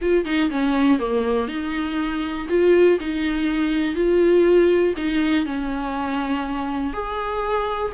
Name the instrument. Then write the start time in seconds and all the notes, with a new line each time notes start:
viola
0.01 F4
0.25 D#4
0.50 C#4
0.99 A#3
1.47 D#4
2.49 F4
3.00 D#4
3.95 F4
4.96 D#4
5.45 C#4
6.93 G#4